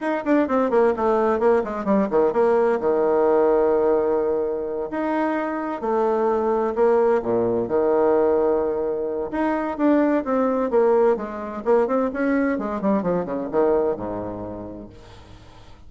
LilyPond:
\new Staff \with { instrumentName = "bassoon" } { \time 4/4 \tempo 4 = 129 dis'8 d'8 c'8 ais8 a4 ais8 gis8 | g8 dis8 ais4 dis2~ | dis2~ dis8 dis'4.~ | dis'8 a2 ais4 ais,8~ |
ais,8 dis2.~ dis8 | dis'4 d'4 c'4 ais4 | gis4 ais8 c'8 cis'4 gis8 g8 | f8 cis8 dis4 gis,2 | }